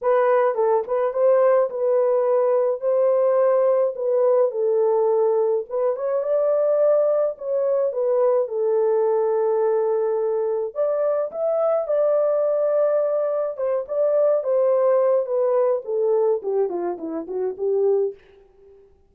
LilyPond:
\new Staff \with { instrumentName = "horn" } { \time 4/4 \tempo 4 = 106 b'4 a'8 b'8 c''4 b'4~ | b'4 c''2 b'4 | a'2 b'8 cis''8 d''4~ | d''4 cis''4 b'4 a'4~ |
a'2. d''4 | e''4 d''2. | c''8 d''4 c''4. b'4 | a'4 g'8 f'8 e'8 fis'8 g'4 | }